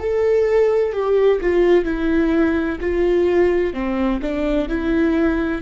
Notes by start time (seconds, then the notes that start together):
0.00 A4
0.93 G4
1.41 F4
1.85 E4
2.81 F4
3.74 C4
4.22 D4
4.69 E4